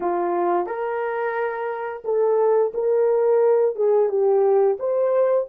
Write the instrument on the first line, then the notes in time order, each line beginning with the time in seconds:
horn
0.00 F4
0.66 A#4
2.04 A4
2.74 A#4
3.75 G#4
4.09 G4
4.79 C5